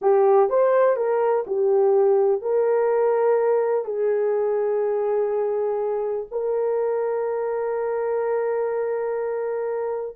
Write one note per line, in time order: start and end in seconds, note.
0.01 0.49 G4
0.49 0.96 C5
0.96 1.44 A#4
1.46 2.41 G4
2.41 3.84 A#4
3.84 6.26 G#4
6.31 10.16 A#4